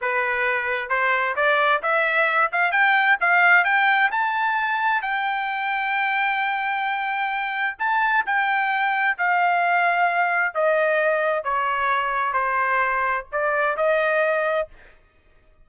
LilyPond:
\new Staff \with { instrumentName = "trumpet" } { \time 4/4 \tempo 4 = 131 b'2 c''4 d''4 | e''4. f''8 g''4 f''4 | g''4 a''2 g''4~ | g''1~ |
g''4 a''4 g''2 | f''2. dis''4~ | dis''4 cis''2 c''4~ | c''4 d''4 dis''2 | }